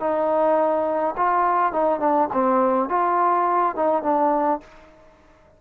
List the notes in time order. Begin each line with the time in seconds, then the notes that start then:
0.00 D#4
1.17 F4
1.73 D#4
2.00 D4
2.33 C4
2.89 F4
3.76 D#4
4.03 D4